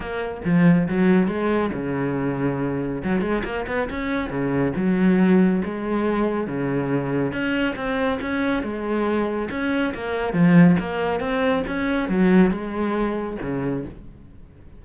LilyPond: \new Staff \with { instrumentName = "cello" } { \time 4/4 \tempo 4 = 139 ais4 f4 fis4 gis4 | cis2. fis8 gis8 | ais8 b8 cis'4 cis4 fis4~ | fis4 gis2 cis4~ |
cis4 cis'4 c'4 cis'4 | gis2 cis'4 ais4 | f4 ais4 c'4 cis'4 | fis4 gis2 cis4 | }